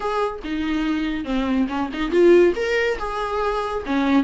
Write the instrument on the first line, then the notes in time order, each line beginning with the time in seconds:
viola
0.00 G#4
0.44 D#4
1.24 C4
1.68 C#4
1.93 D#4
2.11 F4
2.55 A#4
2.98 G#4
3.86 C#4